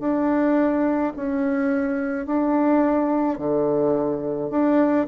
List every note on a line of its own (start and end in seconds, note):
0.00 1.13 D4
1.16 2.26 C#4
2.26 3.39 D4
3.39 4.50 D3
4.50 5.07 D4